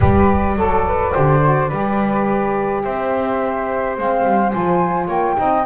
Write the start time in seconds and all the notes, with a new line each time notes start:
0.00 G3 G4 B4 D5
0.56 F#3 A4
0.86 B4
1.11 D3 G4 C5
1.41 F#4
1.68 G3 G4 B4
2.83 C4 C5 E5
3.97 G#3 C4 F5
4.25 G3
4.49 F3 F4 G#5
5.06 A#3 C#5 G5
5.35 C4 D#4 D#5